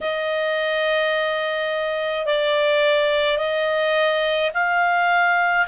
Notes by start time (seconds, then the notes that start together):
0.00 D#5
2.25 D5
3.37 D#5
4.53 F5